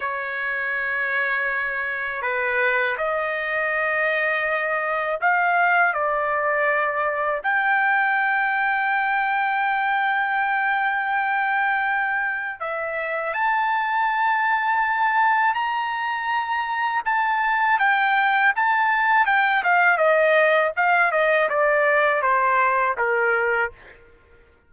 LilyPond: \new Staff \with { instrumentName = "trumpet" } { \time 4/4 \tempo 4 = 81 cis''2. b'4 | dis''2. f''4 | d''2 g''2~ | g''1~ |
g''4 e''4 a''2~ | a''4 ais''2 a''4 | g''4 a''4 g''8 f''8 dis''4 | f''8 dis''8 d''4 c''4 ais'4 | }